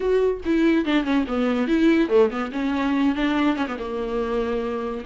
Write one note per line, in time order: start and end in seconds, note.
0.00 0.40 F#4
0.45 0.85 E4
0.85 1.04 D4
1.04 1.25 C#4
1.27 1.67 B3
1.67 2.08 E4
2.08 2.29 A3
2.30 2.51 B3
2.52 3.15 C#4
3.15 3.56 D4
3.56 3.66 C#4
3.67 3.77 B3
3.79 5.04 A#3